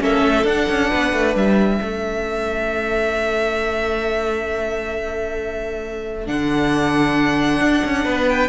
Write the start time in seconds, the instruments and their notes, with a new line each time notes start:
0.00 cello A#3, viola C#4, violin A4 E5
0.23 cello A3
0.44 cello D4, viola D4, violin F#5
0.69 cello C#4
0.90 cello B3, violin B4
1.13 cello A3
1.36 cello G3, violin E5
1.79 cello A3, viola C#4, violin A4
6.27 cello D3, viola D4, violin F#5
7.61 cello D4
7.85 cello C#4
8.05 cello B3, violin B4
8.29 violin G5